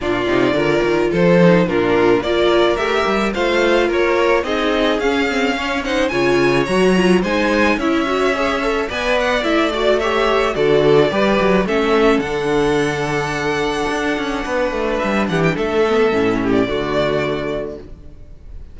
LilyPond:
<<
  \new Staff \with { instrumentName = "violin" } { \time 4/4 \tempo 4 = 108 d''2 c''4 ais'4 | d''4 e''4 f''4 cis''4 | dis''4 f''4. fis''8 gis''4 | ais''4 gis''4 e''2 |
gis''8 fis''8 e''8 d''8 e''4 d''4~ | d''4 e''4 fis''2~ | fis''2. e''8 fis''16 g''16 | e''4.~ e''16 d''2~ d''16 | }
  \new Staff \with { instrumentName = "violin" } { \time 4/4 f'4 ais'4 a'4 f'4 | ais'2 c''4 ais'4 | gis'2 cis''8 c''8 cis''4~ | cis''4 c''4 cis''2 |
d''2 cis''4 a'4 | b'4 a'2.~ | a'2 b'4. g'8 | a'4. g'8 fis'2 | }
  \new Staff \with { instrumentName = "viola" } { \time 4/4 d'8 dis'8 f'4. dis'8 d'4 | f'4 g'4 f'2 | dis'4 cis'8 c'8 cis'8 dis'8 f'4 | fis'8 f'8 dis'4 e'8 fis'8 gis'8 a'8 |
b'4 e'8 fis'8 g'4 fis'4 | g'4 cis'4 d'2~ | d'1~ | d'8 b8 cis'4 a2 | }
  \new Staff \with { instrumentName = "cello" } { \time 4/4 ais,8 c8 d8 dis8 f4 ais,4 | ais4 a8 g8 a4 ais4 | c'4 cis'2 cis4 | fis4 gis4 cis'2 |
b4 a2 d4 | g8 fis8 a4 d2~ | d4 d'8 cis'8 b8 a8 g8 e8 | a4 a,4 d2 | }
>>